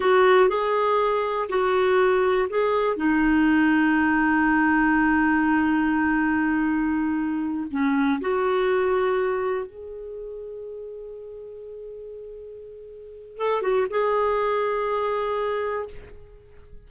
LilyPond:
\new Staff \with { instrumentName = "clarinet" } { \time 4/4 \tempo 4 = 121 fis'4 gis'2 fis'4~ | fis'4 gis'4 dis'2~ | dis'1~ | dis'2.~ dis'8 cis'8~ |
cis'8 fis'2. gis'8~ | gis'1~ | gis'2. a'8 fis'8 | gis'1 | }